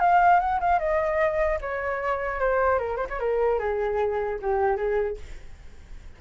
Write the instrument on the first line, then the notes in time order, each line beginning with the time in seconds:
flute
0.00 F5
0.40 F#5
0.61 F5
0.79 D#5
1.61 C#5
2.40 C5
2.79 A#4
2.97 C5
3.10 C#5
3.20 A#4
3.59 G#4
4.42 G4
4.77 G#4